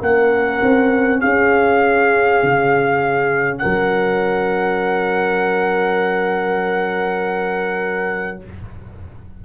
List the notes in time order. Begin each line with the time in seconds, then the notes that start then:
0.00 A#3 C#4 A#4 F#5
0.63 C4
1.21 C#4 G#4 F5
2.44 C#3
3.59 A#4 F#5
3.65 F#3